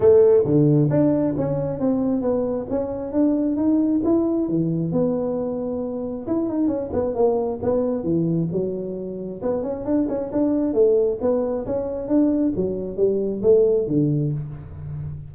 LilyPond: \new Staff \with { instrumentName = "tuba" } { \time 4/4 \tempo 4 = 134 a4 d4 d'4 cis'4 | c'4 b4 cis'4 d'4 | dis'4 e'4 e4 b4~ | b2 e'8 dis'8 cis'8 b8 |
ais4 b4 e4 fis4~ | fis4 b8 cis'8 d'8 cis'8 d'4 | a4 b4 cis'4 d'4 | fis4 g4 a4 d4 | }